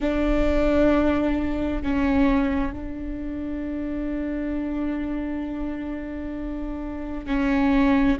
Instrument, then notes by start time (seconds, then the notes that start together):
viola
0.00 D4
1.82 C#4
2.73 D4
7.26 C#4